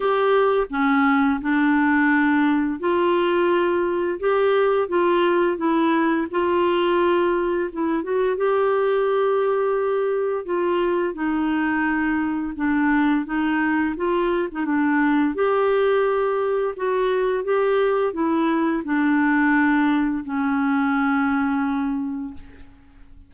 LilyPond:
\new Staff \with { instrumentName = "clarinet" } { \time 4/4 \tempo 4 = 86 g'4 cis'4 d'2 | f'2 g'4 f'4 | e'4 f'2 e'8 fis'8 | g'2. f'4 |
dis'2 d'4 dis'4 | f'8. dis'16 d'4 g'2 | fis'4 g'4 e'4 d'4~ | d'4 cis'2. | }